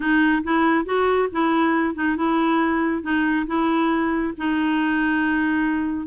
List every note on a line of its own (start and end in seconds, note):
0.00 0.42 D#4
0.43 0.85 E4
0.85 1.28 F#4
1.32 1.94 E4
1.94 2.16 D#4
2.16 3.02 E4
3.02 3.46 D#4
3.46 4.33 E4
4.37 6.07 D#4